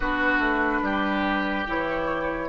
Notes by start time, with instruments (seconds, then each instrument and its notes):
0.00 bassoon B3, clarinet D4, oboe F#4, flute B4
0.39 bassoon A3
0.82 bassoon G3, oboe G4
1.67 bassoon E3, clarinet E4, flute C#5